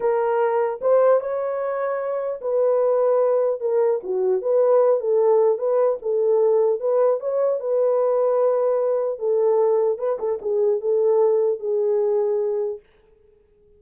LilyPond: \new Staff \with { instrumentName = "horn" } { \time 4/4 \tempo 4 = 150 ais'2 c''4 cis''4~ | cis''2 b'2~ | b'4 ais'4 fis'4 b'4~ | b'8 a'4. b'4 a'4~ |
a'4 b'4 cis''4 b'4~ | b'2. a'4~ | a'4 b'8 a'8 gis'4 a'4~ | a'4 gis'2. | }